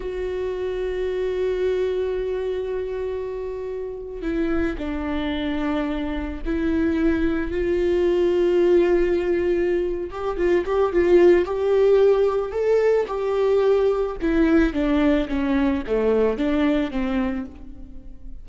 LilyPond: \new Staff \with { instrumentName = "viola" } { \time 4/4 \tempo 4 = 110 fis'1~ | fis'2.~ fis'8. e'16~ | e'8. d'2. e'16~ | e'4.~ e'16 f'2~ f'16~ |
f'2~ f'8 g'8 f'8 g'8 | f'4 g'2 a'4 | g'2 e'4 d'4 | cis'4 a4 d'4 c'4 | }